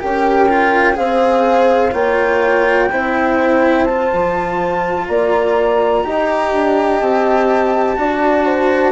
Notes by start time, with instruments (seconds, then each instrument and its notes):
0.00 bassoon C#4, cello G4, horn A#4, flute G5
0.49 cello F4
0.93 bassoon C4, cello G#4, horn C5, flute F5
1.92 bassoon A#3, cello F4, horn C#5, flute G5
2.91 bassoon C4, cello E4, horn C5
3.85 cello F4, flute A5
4.13 bassoon F3
5.07 bassoon A#3, horn D5, flute A#5
6.04 bassoon D#4, cello G4, horn D#5
6.53 bassoon D4
7.00 bassoon C4, flute A5
7.96 bassoon D4, cello F#4, horn D5
8.46 horn C5